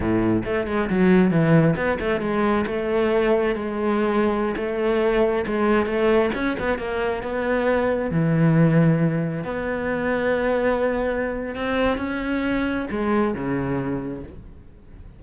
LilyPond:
\new Staff \with { instrumentName = "cello" } { \time 4/4 \tempo 4 = 135 a,4 a8 gis8 fis4 e4 | b8 a8 gis4 a2 | gis2~ gis16 a4.~ a16~ | a16 gis4 a4 cis'8 b8 ais8.~ |
ais16 b2 e4.~ e16~ | e4~ e16 b2~ b8.~ | b2 c'4 cis'4~ | cis'4 gis4 cis2 | }